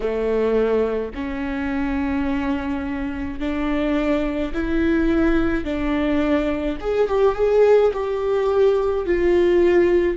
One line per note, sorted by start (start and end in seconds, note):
0.00 1.12 A3
1.14 3.40 C#4
3.40 4.53 D4
4.53 5.64 E4
5.64 6.77 D4
6.80 7.08 G#4
7.08 7.35 G4
7.35 7.91 G#4
7.92 9.06 G4
9.06 10.17 F4